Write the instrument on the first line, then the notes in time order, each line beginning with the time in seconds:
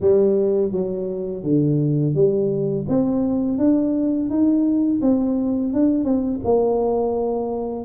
tuba
0.00 G3
0.71 F#3
1.43 D3
2.14 G3
2.88 C4
3.58 D4
4.29 D#4
5.01 C4
5.73 D4
6.04 C4
6.44 A#3